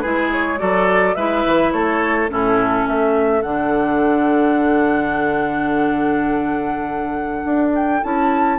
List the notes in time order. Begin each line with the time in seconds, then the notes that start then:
0.00 G#3 E4 G#4 B4
0.32 C#5
0.58 F#3 F#4 A4 D5
1.15 G#3 E4 B4 E5
1.46 E3
1.72 A3 A4 C#5
2.28 A2 C#4 E4 A4
2.87 A3 A4 E5
3.42 D3 D4 F#5
7.45 D4
7.75 G5
8.03 C#4 E4 A5